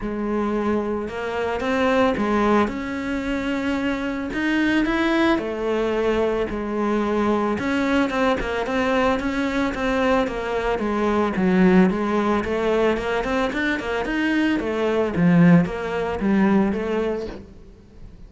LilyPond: \new Staff \with { instrumentName = "cello" } { \time 4/4 \tempo 4 = 111 gis2 ais4 c'4 | gis4 cis'2. | dis'4 e'4 a2 | gis2 cis'4 c'8 ais8 |
c'4 cis'4 c'4 ais4 | gis4 fis4 gis4 a4 | ais8 c'8 d'8 ais8 dis'4 a4 | f4 ais4 g4 a4 | }